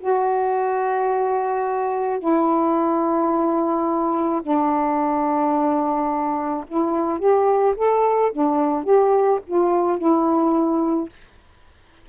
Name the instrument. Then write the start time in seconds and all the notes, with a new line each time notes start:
saxophone
0.00 F#4
2.20 E4
4.42 D4
6.68 E4
7.19 G4
7.76 A4
8.32 D4
8.84 G4
9.47 F4
9.98 E4